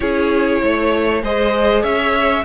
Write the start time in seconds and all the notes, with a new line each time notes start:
0.00 C#4 E4 G#4 C#5
0.62 A3 C#5
1.22 G#3 G#4 C5 D#5
1.82 C#4 C#5 E5